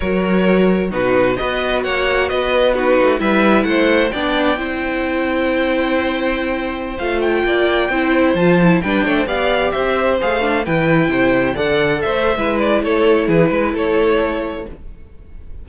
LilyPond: <<
  \new Staff \with { instrumentName = "violin" } { \time 4/4 \tempo 4 = 131 cis''2 b'4 dis''4 | fis''4 dis''4 b'4 e''4 | fis''4 g''2.~ | g''2.~ g''16 f''8 g''16~ |
g''2~ g''16 a''4 g''8.~ | g''16 f''4 e''4 f''4 g''8.~ | g''4~ g''16 fis''4 e''4~ e''16 d''8 | cis''4 b'4 cis''2 | }
  \new Staff \with { instrumentName = "violin" } { \time 4/4 ais'2 fis'4 b'4 | cis''4 b'4 fis'4 b'4 | c''4 d''4 c''2~ | c''1~ |
c''16 d''4 c''2 b'8 cis''16 | c''16 d''4 c''2 b'8.~ | b'16 c''4 d''4 c''8. b'4 | a'4 gis'8 b'8 a'2 | }
  \new Staff \with { instrumentName = "viola" } { \time 4/4 fis'2 dis'4 fis'4~ | fis'2 dis'4 e'4~ | e'4 d'4 e'2~ | e'2.~ e'16 f'8.~ |
f'4~ f'16 e'4 f'8 e'8 d'8.~ | d'16 g'2 gis'8 d'8 e'8.~ | e'4~ e'16 a'4.~ a'16 e'4~ | e'1 | }
  \new Staff \with { instrumentName = "cello" } { \time 4/4 fis2 b,4 b4 | ais4 b4. a8 g4 | a4 b4 c'2~ | c'2.~ c'16 a8.~ |
a16 ais4 c'4 f4 g8 a16~ | a16 b4 c'4 a4 e8.~ | e16 c4 d4 a8. gis4 | a4 e8 gis8 a2 | }
>>